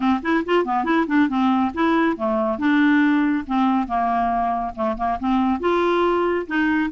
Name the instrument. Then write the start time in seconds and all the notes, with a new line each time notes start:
clarinet
0.00 C4
0.22 E4
0.45 F4
0.65 B3
0.84 E4
1.07 D4
1.28 C4
1.74 E4
2.16 A3
2.58 D4
3.46 C4
3.87 A#3
4.75 A3
4.97 A#3
5.19 C4
5.60 F4
6.47 D#4